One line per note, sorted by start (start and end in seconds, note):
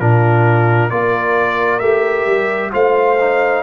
0.00 0.90 A#2
0.00 0.90 D4
0.00 0.91 F4
0.00 0.90 A#4
0.90 1.81 A#3
0.90 1.81 F4
0.90 2.73 A#4
0.90 1.79 D5
1.79 2.26 A3
1.79 2.71 G4
1.79 2.70 E5
2.26 2.71 G3
2.71 3.63 A3
2.71 3.16 F4
2.71 3.63 C5
2.71 3.63 F5
3.20 3.63 D#4